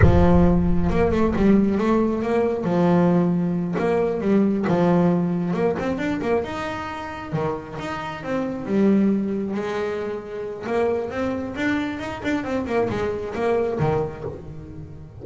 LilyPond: \new Staff \with { instrumentName = "double bass" } { \time 4/4 \tempo 4 = 135 f2 ais8 a8 g4 | a4 ais4 f2~ | f8 ais4 g4 f4.~ | f8 ais8 c'8 d'8 ais8 dis'4.~ |
dis'8 dis4 dis'4 c'4 g8~ | g4. gis2~ gis8 | ais4 c'4 d'4 dis'8 d'8 | c'8 ais8 gis4 ais4 dis4 | }